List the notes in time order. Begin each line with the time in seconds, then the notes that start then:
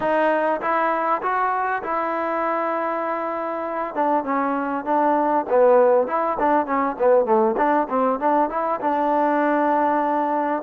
0.00 D#4
0.61 E4
1.21 F#4
1.82 E4
3.94 D4
4.24 C#4
4.84 D4
5.49 B3
6.07 E4
6.39 D4
6.65 C#4
6.99 B3
7.25 A3
7.57 D4
7.89 C4
8.19 D4
8.49 E4
8.80 D4